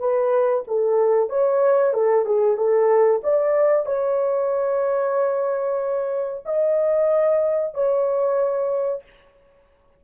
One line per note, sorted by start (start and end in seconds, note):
0.00 0.65 B4
0.68 1.30 A4
1.30 1.94 C#5
1.94 2.26 A4
2.26 2.57 G#4
2.57 3.22 A4
3.24 3.86 D5
3.86 6.44 C#5
6.46 7.75 D#5
7.75 9.04 C#5